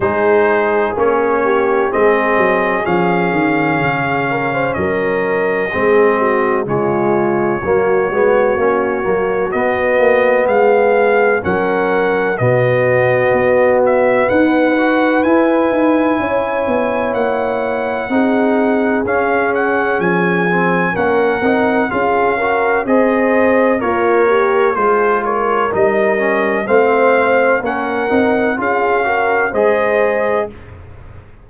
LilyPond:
<<
  \new Staff \with { instrumentName = "trumpet" } { \time 4/4 \tempo 4 = 63 c''4 cis''4 dis''4 f''4~ | f''4 dis''2 cis''4~ | cis''2 dis''4 f''4 | fis''4 dis''4. e''8 fis''4 |
gis''2 fis''2 | f''8 fis''8 gis''4 fis''4 f''4 | dis''4 cis''4 c''8 cis''8 dis''4 | f''4 fis''4 f''4 dis''4 | }
  \new Staff \with { instrumentName = "horn" } { \time 4/4 gis'4. g'8 gis'2~ | gis'8 ais'16 c''16 ais'4 gis'8 fis'8 f'4 | fis'2. gis'4 | ais'4 fis'2 b'4~ |
b'4 cis''2 gis'4~ | gis'2 ais'4 gis'8 ais'8 | c''4 f'8 g'8 gis'8 ais'4. | c''4 ais'4 gis'8 ais'8 c''4 | }
  \new Staff \with { instrumentName = "trombone" } { \time 4/4 dis'4 cis'4 c'4 cis'4~ | cis'2 c'4 gis4 | ais8 b8 cis'8 ais8 b2 | cis'4 b2~ b8 fis'8 |
e'2. dis'4 | cis'4. c'8 cis'8 dis'8 f'8 fis'8 | gis'4 ais'4 f'4 dis'8 cis'8 | c'4 cis'8 dis'8 f'8 fis'8 gis'4 | }
  \new Staff \with { instrumentName = "tuba" } { \time 4/4 gis4 ais4 gis8 fis8 f8 dis8 | cis4 fis4 gis4 cis4 | fis8 gis8 ais8 fis8 b8 ais8 gis4 | fis4 b,4 b4 dis'4 |
e'8 dis'8 cis'8 b8 ais4 c'4 | cis'4 f4 ais8 c'8 cis'4 | c'4 ais4 gis4 g4 | a4 ais8 c'8 cis'4 gis4 | }
>>